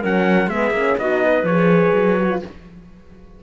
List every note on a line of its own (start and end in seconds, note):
0.00 0.47 F#3
0.00 0.49 C#4
0.00 0.48 A#4
0.00 0.49 F#5
0.47 0.70 G#3
0.47 0.74 B3
0.47 1.00 G#4
0.47 0.97 E5
0.70 0.94 A#3
0.70 0.99 C#4
0.97 1.43 B3
0.97 1.47 D#4
0.97 1.23 F#4
0.97 1.46 D#5
1.23 2.43 B4
1.43 1.91 F3
1.43 2.42 C#5
1.50 2.19 G#4
1.94 2.42 F#3
2.19 2.30 F#4
2.30 2.42 F4